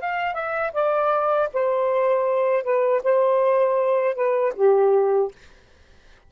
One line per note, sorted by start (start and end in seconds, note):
0.00 0.33 F5
0.33 0.71 E5
0.73 1.49 D5
1.53 2.63 C5
2.63 3.01 B4
3.03 4.15 C5
4.15 4.53 B4
4.55 5.31 G4